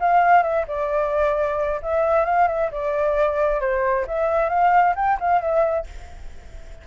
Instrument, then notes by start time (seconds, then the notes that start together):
flute
0.00 F5
0.42 E5
0.68 D5
1.82 E5
2.25 F5
2.48 E5
2.71 D5
3.60 C5
4.07 E5
4.49 F5
4.95 G5
5.20 F5
5.41 E5